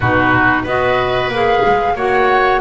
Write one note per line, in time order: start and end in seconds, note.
0.00 0.65 B2
0.00 0.67 D#4
0.00 0.62 F#4
0.00 0.64 B4
0.62 1.28 B3
0.62 1.32 F#4
0.62 1.93 B4
0.62 1.31 D#5
1.28 1.60 A#3
1.28 1.96 G#4
1.28 1.96 F5
1.65 1.95 G#3
1.95 2.60 A#3
1.95 2.61 F#4
1.95 2.61 C#5
1.95 2.61 F#5